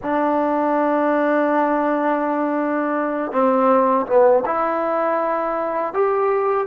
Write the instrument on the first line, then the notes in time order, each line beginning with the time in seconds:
trombone
0.02 D4
3.32 C4
4.06 B3
4.45 E4
5.93 G4